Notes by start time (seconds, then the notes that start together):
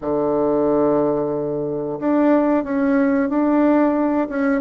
0.01 D3
1.99 D4
2.64 C#4
3.29 D4
4.29 C#4